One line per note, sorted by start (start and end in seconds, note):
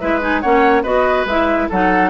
0.00 0.44 G#3
0.00 0.21 E4
0.00 0.42 B4
0.00 0.21 E5
0.21 0.42 D#4
0.21 0.41 G#5
0.41 0.84 A#3
0.41 0.85 C#4
0.41 0.83 C#5
0.41 0.84 F#5
0.83 1.26 B3
0.83 1.27 F#4
0.83 1.69 B4
0.83 1.27 D#5
1.26 1.68 G#3
1.26 1.72 E4
1.26 1.70 E5
1.70 2.10 F#3
1.70 2.10 D#4
1.70 2.10 A4
1.70 2.10 F#5